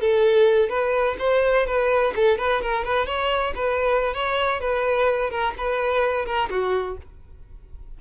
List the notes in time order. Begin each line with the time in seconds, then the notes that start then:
0.00 A4
0.69 B4
1.19 C5
1.66 B4
2.15 A4
2.38 B4
2.61 A#4
2.84 B4
3.06 C#5
3.55 B4
4.14 C#5
4.60 B4
5.30 A#4
5.57 B4
6.25 A#4
6.50 F#4